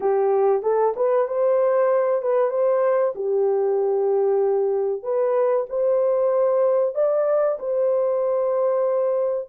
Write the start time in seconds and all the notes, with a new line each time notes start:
0.00 G4
0.62 A4
0.96 B4
1.27 C5
2.22 B4
2.50 C5
3.15 G4
5.02 B4
5.69 C5
6.94 D5
7.59 C5